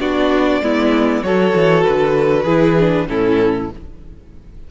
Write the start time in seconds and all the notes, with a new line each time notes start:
0.00 B3 D4 F#4 D5
0.61 G#3 B3 E4
1.23 F#3 F#4 A4 C#5
1.56 E3
1.84 D3 B4
2.44 E3 E4 G#4
2.79 D4
3.08 A2 C#4 E4 A4